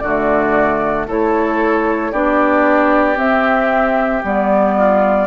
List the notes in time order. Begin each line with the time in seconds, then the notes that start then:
0.00 D3 A3 F#4 D5
1.07 A3 E4 A4 C#5
2.12 B3 D4 G4 D5
3.16 C4 E5
4.23 G3 B3 D5
4.78 F4